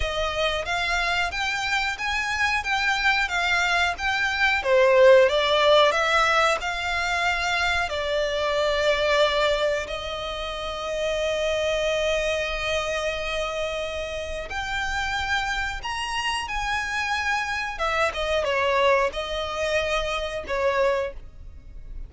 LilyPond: \new Staff \with { instrumentName = "violin" } { \time 4/4 \tempo 4 = 91 dis''4 f''4 g''4 gis''4 | g''4 f''4 g''4 c''4 | d''4 e''4 f''2 | d''2. dis''4~ |
dis''1~ | dis''2 g''2 | ais''4 gis''2 e''8 dis''8 | cis''4 dis''2 cis''4 | }